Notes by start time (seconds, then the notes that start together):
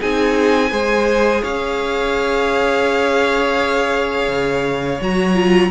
0.00 C4 D#4 G#4 G#5
0.70 G#3 G#4 C5
1.42 C#4 C#5 F5
4.29 C#3
5.01 F#3 F#4 A#5
5.35 F4